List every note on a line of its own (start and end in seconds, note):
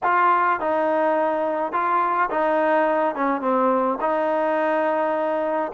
0.03 0.59 F4
0.59 1.72 D#4
1.72 2.29 F4
2.30 3.15 D#4
3.15 3.41 C#4
3.41 3.98 C4
4.00 5.72 D#4